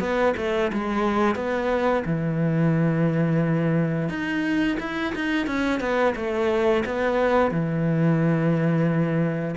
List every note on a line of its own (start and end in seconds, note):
0.00 0.34 B3
0.37 0.71 A3
0.73 1.36 G#3
1.36 2.04 B3
2.06 4.09 E3
4.09 4.78 D#4
4.80 5.14 E4
5.15 5.47 D#4
5.47 5.80 C#4
5.80 6.15 B3
6.16 6.84 A3
6.86 7.51 B3
7.51 9.56 E3